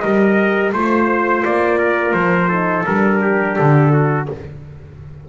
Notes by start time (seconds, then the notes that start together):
0.00 G3 G4 A#4 D#5
0.72 A3 F4 C5
1.44 A#3 D5
1.78 A#4
2.13 F3 C5
2.49 D#4 A4
2.85 G3 D4 A#4
3.21 G4
3.56 D3 A4
3.92 F#4